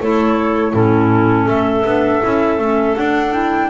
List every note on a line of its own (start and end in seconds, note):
0.00 0.73 A3
0.00 0.73 E4
0.00 0.72 A4
0.00 0.74 C#5
0.72 1.46 A2
0.72 1.85 C#4
0.72 1.45 E4
0.72 1.48 A4
1.45 1.83 A3
1.45 3.67 A4
1.45 2.96 E5
1.85 2.22 B3
1.85 2.22 D4
2.22 2.58 C#4
2.22 2.59 E4
2.58 2.95 A3
2.58 2.96 C#4
2.96 3.32 D4
2.96 3.70 D4
2.96 3.33 F#5
3.32 3.69 E4
3.32 3.70 G5